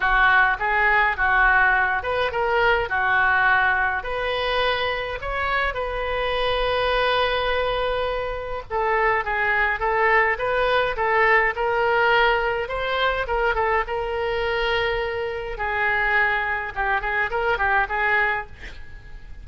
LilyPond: \new Staff \with { instrumentName = "oboe" } { \time 4/4 \tempo 4 = 104 fis'4 gis'4 fis'4. b'8 | ais'4 fis'2 b'4~ | b'4 cis''4 b'2~ | b'2. a'4 |
gis'4 a'4 b'4 a'4 | ais'2 c''4 ais'8 a'8 | ais'2. gis'4~ | gis'4 g'8 gis'8 ais'8 g'8 gis'4 | }